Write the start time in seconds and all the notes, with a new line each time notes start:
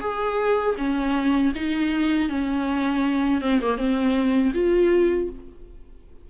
0.00 G#4
0.77 C#4
1.55 D#4
2.29 C#4
3.41 C4
3.61 A#3
3.77 C4
4.54 F4